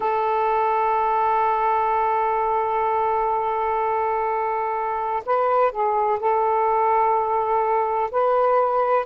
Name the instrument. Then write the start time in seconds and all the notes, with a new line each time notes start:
saxophone
0.00 A4
5.25 B4
5.71 G#4
6.19 A4
8.11 B4